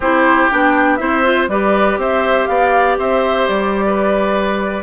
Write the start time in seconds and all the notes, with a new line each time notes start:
0.00 C4 E4 G4 C5
0.50 B3 D4 G5
0.96 C4 E4 C5 E5
1.23 F4
1.48 G3 G4 B4 D5
1.97 C4 C5 E5
2.46 B3 D5 F5
2.98 C4 C5 E5
3.47 G3 D5
3.86 B4